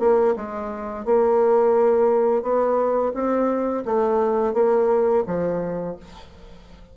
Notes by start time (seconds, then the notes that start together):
0.00 A#3
0.36 G#3
1.05 A#3
2.43 B3
3.14 C4
3.85 A3
4.54 A#3
5.27 F3